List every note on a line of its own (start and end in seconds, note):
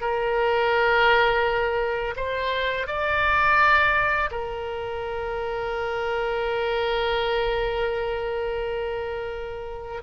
0.00 2.14 A#4
2.16 2.86 C5
2.86 4.29 D5
4.31 10.02 A#4